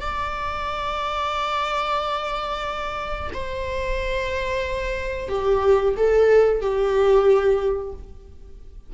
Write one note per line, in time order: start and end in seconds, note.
0.00 3.30 D5
3.33 5.28 C5
5.28 5.94 G4
5.96 6.61 A4
6.61 7.93 G4